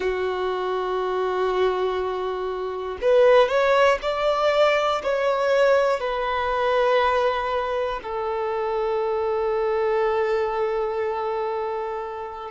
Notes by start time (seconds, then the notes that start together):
0.00 F#4
3.01 B4
3.48 C#5
4.02 D5
5.03 C#5
6.00 B4
8.02 A4